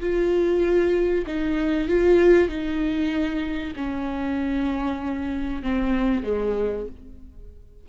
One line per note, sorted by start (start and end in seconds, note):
0.00 1.25 F4
1.27 1.88 D#4
1.88 2.49 F4
2.49 3.74 D#4
3.76 5.63 C#4
5.63 6.23 C4
6.23 6.86 G#3